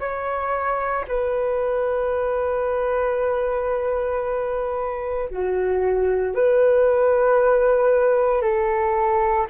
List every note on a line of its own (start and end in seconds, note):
0.00 1.05 C#5
1.08 5.29 B4
5.30 6.35 F#4
6.35 8.42 B4
8.42 9.47 A4